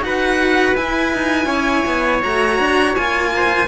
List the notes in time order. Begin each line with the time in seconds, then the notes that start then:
0.00 D#4 F#4 F#5
0.06 B4
0.76 E4 G#5
1.14 D#4
1.46 C#4 C#5
1.86 B3
2.23 A3 F#4 A#5
2.60 D4
2.96 A#3 F4 G#5
3.37 C5